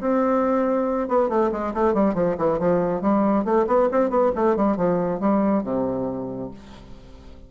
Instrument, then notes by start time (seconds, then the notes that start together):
bassoon
0.00 C4
1.08 B3
1.29 A3
1.52 G#3
1.73 A3
1.93 G3
2.14 F3
2.37 E3
2.59 F3
3.01 G3
3.44 A3
3.67 B3
3.91 C4
4.09 B3
4.35 A3
4.56 G3
4.76 F3
5.20 G3
5.63 C3